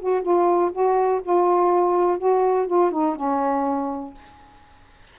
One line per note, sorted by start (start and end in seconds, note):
0.00 0.22 F#4
0.22 0.72 F4
0.72 1.22 F#4
1.24 2.18 F4
2.18 2.67 F#4
2.67 2.92 F4
2.92 3.16 D#4
3.16 4.14 C#4